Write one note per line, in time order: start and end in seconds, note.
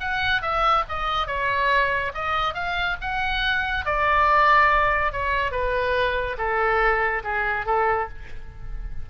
0.00 0.42 F#5
0.42 0.84 E5
0.89 1.27 D#5
1.27 2.12 C#5
2.14 2.54 D#5
2.54 2.97 F5
3.01 3.85 F#5
3.85 5.12 D5
5.12 5.52 C#5
5.52 6.37 B4
6.38 7.23 A4
7.24 7.66 G#4
7.66 8.09 A4